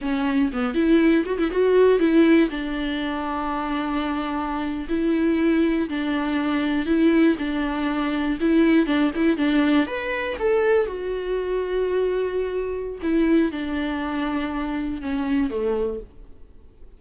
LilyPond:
\new Staff \with { instrumentName = "viola" } { \time 4/4 \tempo 4 = 120 cis'4 b8 e'4 fis'16 e'16 fis'4 | e'4 d'2.~ | d'4.~ d'16 e'2 d'16~ | d'4.~ d'16 e'4 d'4~ d'16~ |
d'8. e'4 d'8 e'8 d'4 b'16~ | b'8. a'4 fis'2~ fis'16~ | fis'2 e'4 d'4~ | d'2 cis'4 a4 | }